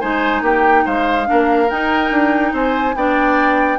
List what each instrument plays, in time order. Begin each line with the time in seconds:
0.00 bassoon G#3, clarinet D#4, oboe C5, flute G#5
0.41 bassoon A#3, oboe G4, flute G5
0.85 bassoon G#3, oboe C5, flute F5
1.25 clarinet D4, oboe A#4
1.31 bassoon A#3
1.69 clarinet D#4, bassoon D#4, flute G5
2.10 bassoon D4
2.52 bassoon C4, oboe C5, flute G#5
2.95 bassoon B3, clarinet D4, oboe D5, flute G5